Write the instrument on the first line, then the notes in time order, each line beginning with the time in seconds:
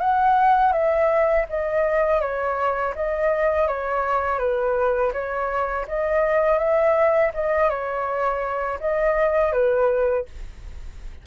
flute
0.00 F#5
0.73 E5
1.49 D#5
2.21 C#5
2.95 D#5
3.67 C#5
4.39 B4
5.13 C#5
5.87 D#5
6.58 E5
7.34 D#5
7.69 C#5
8.80 D#5
9.52 B4